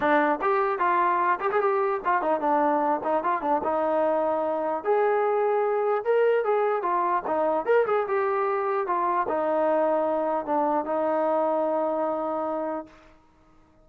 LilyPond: \new Staff \with { instrumentName = "trombone" } { \time 4/4 \tempo 4 = 149 d'4 g'4 f'4. g'16 gis'16 | g'4 f'8 dis'8 d'4. dis'8 | f'8 d'8 dis'2. | gis'2. ais'4 |
gis'4 f'4 dis'4 ais'8 gis'8 | g'2 f'4 dis'4~ | dis'2 d'4 dis'4~ | dis'1 | }